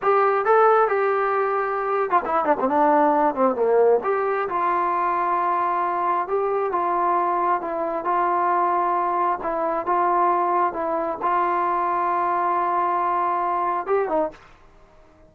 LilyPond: \new Staff \with { instrumentName = "trombone" } { \time 4/4 \tempo 4 = 134 g'4 a'4 g'2~ | g'8. f'16 e'8 d'16 c'16 d'4. c'8 | ais4 g'4 f'2~ | f'2 g'4 f'4~ |
f'4 e'4 f'2~ | f'4 e'4 f'2 | e'4 f'2.~ | f'2. g'8 dis'8 | }